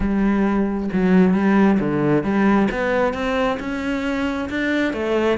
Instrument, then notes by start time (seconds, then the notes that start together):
cello
0.00 G3
0.92 F#3
1.34 G3
1.79 D3
2.23 G3
2.71 B3
3.13 C4
3.59 C#4
4.49 D4
4.93 A3